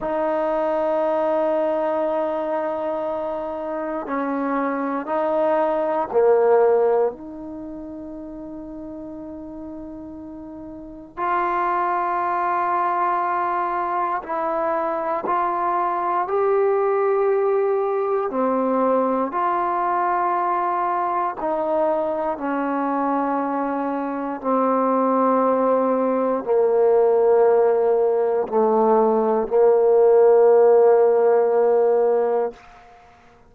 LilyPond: \new Staff \with { instrumentName = "trombone" } { \time 4/4 \tempo 4 = 59 dis'1 | cis'4 dis'4 ais4 dis'4~ | dis'2. f'4~ | f'2 e'4 f'4 |
g'2 c'4 f'4~ | f'4 dis'4 cis'2 | c'2 ais2 | a4 ais2. | }